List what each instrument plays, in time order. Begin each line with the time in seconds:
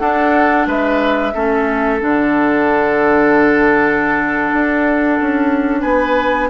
0.00 clarinet D4, bassoon D4, oboe A4, flute F#5
0.67 bassoon G#3, oboe B4, flute E5
1.34 bassoon A3, clarinet C#4, oboe A4
2.00 bassoon D3, clarinet D4, flute F#5
4.53 bassoon D4
5.21 bassoon C#4
5.81 bassoon B3, oboe B4, flute G#5